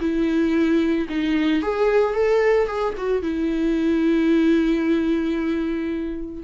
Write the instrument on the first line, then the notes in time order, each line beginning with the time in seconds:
viola
0.00 E4
1.09 D#4
1.62 G#4
2.14 A4
2.67 G#4
2.97 F#4
3.22 E4